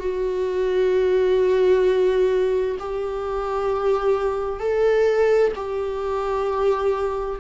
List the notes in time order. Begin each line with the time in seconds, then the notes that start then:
0.00 F#4
2.79 G4
4.60 A4
5.55 G4